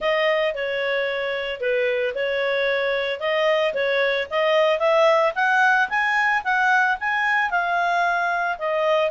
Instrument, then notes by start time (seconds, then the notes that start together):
clarinet
0.00 D#5
0.54 C#5
1.60 B4
2.15 C#5
3.20 D#5
3.74 C#5
4.30 D#5
4.79 E5
5.35 F#5
5.89 G#5
6.44 F#5
7.00 G#5
7.50 F5
8.58 D#5